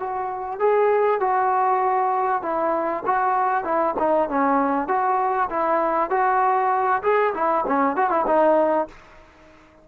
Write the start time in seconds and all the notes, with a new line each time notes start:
0.00 F#4
0.60 G#4
1.21 F#4
2.42 E4
3.06 F#4
3.65 E4
3.99 D#4
4.29 C#4
4.88 F#4
5.50 E4
6.11 F#4
7.03 G#4
7.34 E4
7.68 C#4
7.97 F#4
8.10 E4
8.27 D#4